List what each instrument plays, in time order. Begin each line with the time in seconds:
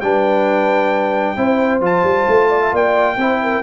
0.00 tuba G3, trombone D4, horn B4, trumpet G5
1.36 tuba C4, trombone E4, horn C5
1.80 tuba F3, trombone F4, trumpet A5
2.03 tuba G3
2.27 tuba A3
2.49 horn D5
2.61 horn E5
2.72 tuba A#3, horn D5, trumpet G5
3.16 tuba C4, trombone E4, horn C5
3.42 horn A#4